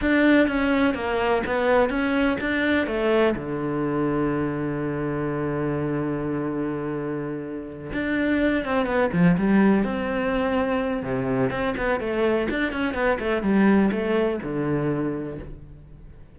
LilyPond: \new Staff \with { instrumentName = "cello" } { \time 4/4 \tempo 4 = 125 d'4 cis'4 ais4 b4 | cis'4 d'4 a4 d4~ | d1~ | d1~ |
d8 d'4. c'8 b8 f8 g8~ | g8 c'2~ c'8 c4 | c'8 b8 a4 d'8 cis'8 b8 a8 | g4 a4 d2 | }